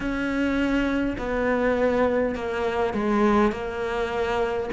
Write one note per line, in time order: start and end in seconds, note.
0.00 1.16 C#4
1.18 2.35 B3
2.35 2.93 A#3
2.93 3.51 G#3
3.51 4.69 A#3